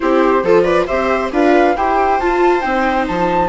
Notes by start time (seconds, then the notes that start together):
0.00 C4 E4 G4 C5
0.43 F3 F4 A4
0.63 B4 D5
0.86 C4 G4 C5 E5
1.31 D4 F4 B4 F5
1.76 E4 G4 C5 G5
2.19 F4 A5
2.60 C4 D#4 G5
3.07 F3 A5